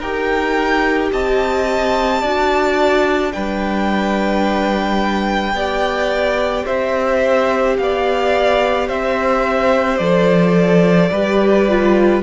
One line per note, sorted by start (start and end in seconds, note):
0.00 1.11 D#4
0.00 2.25 G4
0.00 1.11 A#4
0.00 1.12 G5
1.12 2.23 C4
1.12 2.22 D#5
1.12 3.33 A5
2.22 3.34 D4
2.22 3.32 F#4
2.22 3.33 D5
3.32 5.53 G3
3.32 5.54 D4
3.32 5.56 B4
3.32 6.66 G5
5.53 6.64 B3
5.53 10.00 G4
5.53 6.66 D5
6.66 7.79 C4
6.66 7.77 C5
6.66 7.77 E5
7.78 8.90 B3
7.78 8.88 D5
7.78 8.89 F5
8.88 10.00 C4
8.88 11.10 C5
8.88 9.98 E5
9.98 11.11 F3
9.98 11.11 A4
9.98 12.20 D5
11.12 12.23 G3
11.12 11.69 G4
11.12 12.23 B4
11.69 12.23 F4